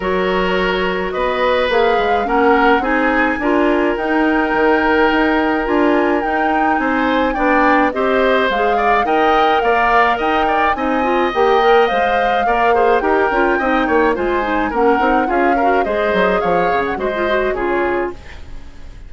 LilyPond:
<<
  \new Staff \with { instrumentName = "flute" } { \time 4/4 \tempo 4 = 106 cis''2 dis''4 f''4 | fis''4 gis''2 g''4~ | g''2 gis''4 g''4 | gis''4 g''4 dis''4 f''4 |
g''4 f''4 g''4 gis''4 | g''4 f''2 g''4~ | g''4 gis''4 fis''4 f''4 | dis''4 f''8. fis''16 dis''4 cis''4 | }
  \new Staff \with { instrumentName = "oboe" } { \time 4/4 ais'2 b'2 | ais'4 gis'4 ais'2~ | ais'1 | c''4 d''4 c''4. d''8 |
dis''4 d''4 dis''8 d''8 dis''4~ | dis''2 d''8 c''8 ais'4 | dis''8 cis''8 c''4 ais'4 gis'8 ais'8 | c''4 cis''4 c''4 gis'4 | }
  \new Staff \with { instrumentName = "clarinet" } { \time 4/4 fis'2. gis'4 | cis'4 dis'4 f'4 dis'4~ | dis'2 f'4 dis'4~ | dis'4 d'4 g'4 gis'4 |
ais'2. dis'8 f'8 | g'8 ais'8 c''4 ais'8 gis'8 g'8 f'8 | dis'4 f'8 dis'8 cis'8 dis'8 f'8 fis'8 | gis'2 fis'16 f'16 fis'8 f'4 | }
  \new Staff \with { instrumentName = "bassoon" } { \time 4/4 fis2 b4 ais8 gis8 | ais4 c'4 d'4 dis'4 | dis4 dis'4 d'4 dis'4 | c'4 b4 c'4 gis4 |
dis'4 ais4 dis'4 c'4 | ais4 gis4 ais4 dis'8 cis'8 | c'8 ais8 gis4 ais8 c'8 cis'4 | gis8 fis8 f8 cis8 gis4 cis4 | }
>>